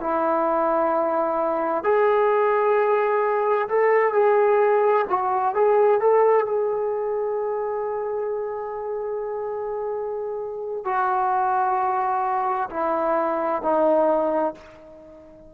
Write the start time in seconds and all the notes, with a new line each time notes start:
0.00 E4
1.83 G#4
3.68 A4
4.13 G#4
5.09 F#4
5.55 G#4
6.00 A4
6.46 G#4
10.84 F#4
12.70 E4
13.62 D#4